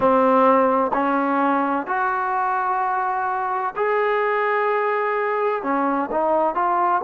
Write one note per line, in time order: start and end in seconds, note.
0.00 0.91 C4
0.93 1.87 C#4
1.87 3.74 F#4
3.76 5.62 G#4
5.62 6.09 C#4
6.11 6.55 D#4
6.55 7.01 F4